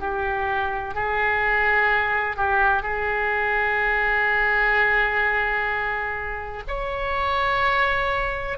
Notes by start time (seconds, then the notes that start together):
0.00 G4
0.95 G#4
2.37 G4
2.83 G#4
6.68 C#5